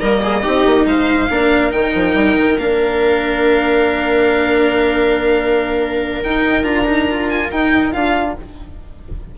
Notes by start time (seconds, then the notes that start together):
0.00 G3 A#3 A#4 D#5
0.22 G#4
0.43 C4 D#4 G4
0.66 A#3
0.85 G#3 C5 F5
1.30 A#3 D4 A#4
1.71 D#3 D#4 G5
1.95 F3
2.14 G3
2.38 D#3
2.58 A#3 D4 F5
6.23 D#4 G5
6.63 D4 F4 A#5
6.87 D#4
7.10 F4
7.29 G#5
7.51 D#4 G5
7.92 D4 F4 F5